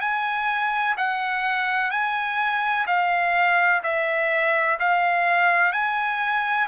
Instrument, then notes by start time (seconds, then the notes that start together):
trumpet
0.00 G#5
0.97 F#5
1.90 G#5
2.87 F5
3.83 E5
4.79 F5
5.72 G#5